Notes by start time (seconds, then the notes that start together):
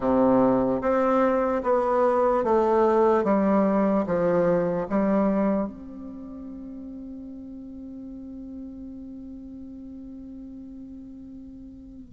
0.00 C3
0.81 C4
1.63 B3
2.43 A3
3.24 G3
4.06 F3
4.89 G3
5.68 C4